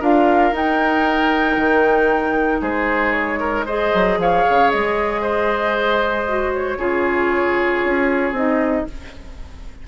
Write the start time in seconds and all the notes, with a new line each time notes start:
0.00 D4 F4 A#4 F5
0.52 D#4 G5
1.57 D#3
2.61 G#3 G#4 C5
3.12 C#5
3.40 A#4
3.66 G#4 C5 D#5
3.94 F#3
4.18 F3 C#5 F5
4.50 C#3
4.71 G#3 D#5
5.22 C5
6.28 F#4
6.54 C#5
6.78 C#3 F4 G#4
7.85 C#4
8.32 C4 D#4 D#5